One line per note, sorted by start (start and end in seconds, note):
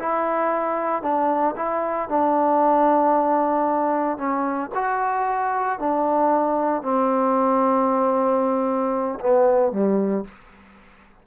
0.00 1.03 E4
1.03 1.56 D4
1.57 2.09 E4
2.09 4.18 D4
4.18 4.71 C#4
4.75 5.80 F#4
5.80 6.83 D4
6.83 9.20 C4
9.21 9.72 B3
9.72 10.25 G3